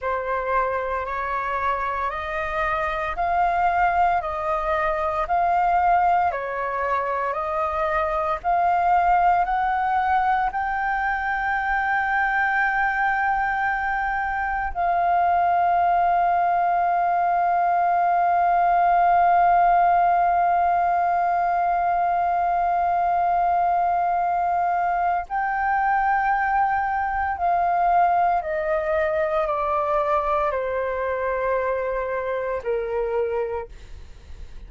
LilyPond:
\new Staff \with { instrumentName = "flute" } { \time 4/4 \tempo 4 = 57 c''4 cis''4 dis''4 f''4 | dis''4 f''4 cis''4 dis''4 | f''4 fis''4 g''2~ | g''2 f''2~ |
f''1~ | f''1 | g''2 f''4 dis''4 | d''4 c''2 ais'4 | }